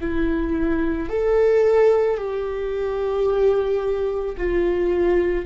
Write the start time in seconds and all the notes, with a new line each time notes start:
0.00 E4
1.09 A4
2.18 G4
4.37 F4